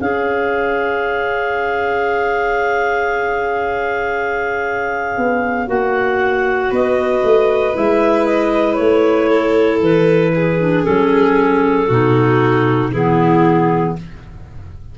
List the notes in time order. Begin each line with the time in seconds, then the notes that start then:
0.00 C#4 G#4 C#5 F5
5.18 B3
5.67 A#3 F#4 F#5
6.70 B3 B4 D#5
7.24 A3
7.74 G#3 E4 E5
8.26 D#5
8.75 A3 C#5
9.29 A4
9.81 E3 B4
10.36 G#4
10.60 D4
10.84 F#3 C#4 A4
11.88 B2 D#4 F#4
12.92 E3 B3 E4 G#4